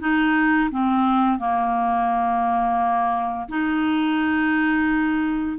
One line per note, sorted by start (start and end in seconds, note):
0.00 0.70 D#4
0.71 1.39 C4
1.39 3.48 A#3
3.49 5.58 D#4